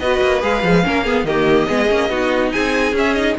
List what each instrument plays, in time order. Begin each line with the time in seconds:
0.00 cello B3, viola F#4, violin B4 D#5
0.22 cello A#3
0.41 cello G#3, viola G#4, violin F5
0.63 cello F3, viola G#3
0.84 cello A#3, viola C#4, violin A#4
1.04 viola B3, violin G#4
1.24 cello D#3, viola A#3, violin G4 D#5
1.67 cello G#3, viola B3, violin G#4
1.89 cello A#3, viola C#4
2.09 cello B3, viola D#4, violin F#4
2.52 cello C4, violin G#4 G#5
2.92 cello C#4, viola C#4, violin E5
3.14 viola D#4, violin D#5